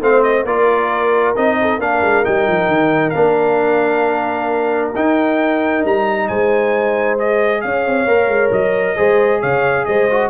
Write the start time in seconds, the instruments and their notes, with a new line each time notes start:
0.00 tuba A3, trombone C4, horn C5, trumpet F5
0.22 trumpet D#5
0.45 tuba A#3, trombone F4, horn A#4, trumpet D5
1.35 tuba C4, trombone D#4, trumpet D#5
1.61 horn A4
1.78 tuba A#3, trombone D4, horn A#4, trumpet F5
2.01 tuba G#3
2.24 tuba G3, trombone D#4, trumpet G5
2.47 tuba F3
2.68 tuba D#3
3.10 tuba A#3, trombone D4, trumpet F5
4.95 tuba D#4, trombone D#4, trumpet G5
5.85 tuba G3, trumpet A#5
6.27 tuba G#3, horn C5, trumpet G#5
7.18 trombone G#4, trumpet D#5
7.61 tuba C#4, horn C#5, trumpet F5
7.86 tuba C4
8.06 tuba A#3, trombone A#4
8.27 tuba G#3
8.51 tuba F#3, trumpet D#5
8.96 tuba G#3, trombone G#4, horn C5
9.40 tuba C#3, horn C#5, trumpet F5
9.85 tuba G#3, horn C5, trumpet D#5
10.10 trombone F#4